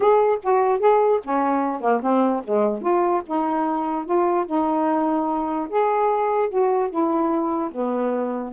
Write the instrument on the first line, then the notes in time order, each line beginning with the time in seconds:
saxophone
0.00 G#4
0.43 F#4
0.79 G#4
1.23 C#4
1.80 A#3
2.02 C4
2.43 G#3
2.81 F4
3.26 D#4
4.05 F4
4.46 D#4
5.69 G#4
6.49 F#4
6.89 E4
7.71 B3